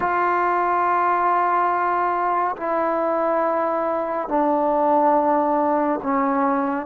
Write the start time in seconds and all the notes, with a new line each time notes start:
0.00 F4
2.56 E4
4.28 D4
6.02 C#4